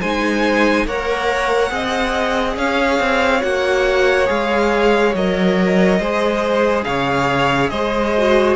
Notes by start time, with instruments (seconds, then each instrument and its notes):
0.00 cello G#3, viola D#4, violin C5 G#5
0.85 cello A#3, viola A#4, violin C#5 F#5
1.68 cello C4, viola G#4, violin D#5
2.56 cello C#4, violin C#5 F5
2.99 cello C4
3.41 cello A#3, viola F#4, violin F#5
4.26 cello G#3, viola G#4, violin F5
5.14 cello F#3, viola A#4, violin D#5
5.98 cello G#3, viola G#4, violin C5
6.83 cello C#3, violin C#5 F5
7.69 cello G#3, violin C5 D#5
8.17 viola F#4